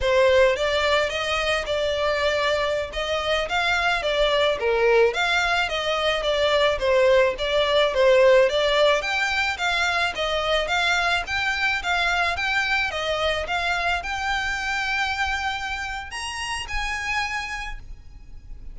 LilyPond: \new Staff \with { instrumentName = "violin" } { \time 4/4 \tempo 4 = 108 c''4 d''4 dis''4 d''4~ | d''4~ d''16 dis''4 f''4 d''8.~ | d''16 ais'4 f''4 dis''4 d''8.~ | d''16 c''4 d''4 c''4 d''8.~ |
d''16 g''4 f''4 dis''4 f''8.~ | f''16 g''4 f''4 g''4 dis''8.~ | dis''16 f''4 g''2~ g''8.~ | g''4 ais''4 gis''2 | }